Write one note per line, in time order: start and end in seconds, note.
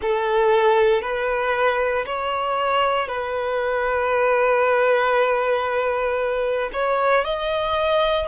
0.01 1.01 A4
1.01 2.05 B4
2.05 3.08 C#5
3.08 6.70 B4
6.72 7.24 C#5
7.24 8.27 D#5